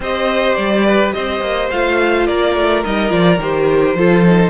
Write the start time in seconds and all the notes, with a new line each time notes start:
0.00 C4 G4 C5 D#5
0.55 G3 D5
0.85 B4
1.12 C4 C5 D#5
1.40 A#3
1.70 A3 F4 F5
2.26 A#3 A#4 D5
2.55 A3
2.84 G3 D#4 D#5
3.08 F3 F4 D5
3.38 D#3 G4 C5
3.94 F3 F4 A4
4.25 D#4